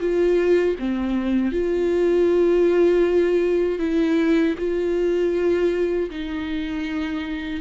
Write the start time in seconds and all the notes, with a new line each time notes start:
0.00 F4
0.79 C4
1.52 F4
3.79 E4
4.58 F4
6.10 D#4